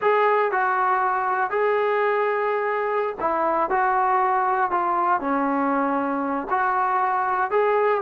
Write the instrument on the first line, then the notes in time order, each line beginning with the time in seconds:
trombone
0.01 G#4
0.51 F#4
1.50 G#4
3.19 E4
3.70 F#4
4.70 F4
5.20 C#4
6.49 F#4
7.50 G#4